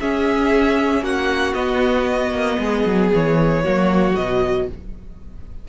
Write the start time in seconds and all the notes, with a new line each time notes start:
0.00 C#4 G#4 E5
1.01 A#3 F#4 F#5
1.54 B3 D#5
2.32 A#3
2.59 G#3 G#4
2.86 F#3
3.13 E3 C#5
3.63 F#3 A#3 F#4
4.16 B2 F#3 D#5